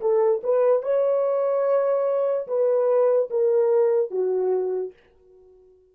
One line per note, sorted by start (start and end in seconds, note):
0.00 0.41 A4
0.43 0.82 B4
0.82 2.47 C#5
2.47 3.29 B4
3.30 4.10 A#4
4.10 4.92 F#4